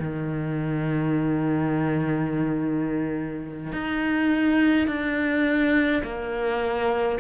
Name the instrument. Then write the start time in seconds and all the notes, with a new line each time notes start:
cello
0.00 D#3
3.73 D#4
4.88 D4
6.04 A#3